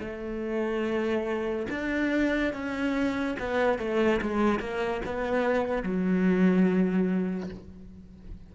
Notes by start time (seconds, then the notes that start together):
0.00 A3
1.70 D4
2.53 C#4
3.39 B3
3.78 A3
4.22 G#3
4.59 A#3
5.05 B3
5.83 F#3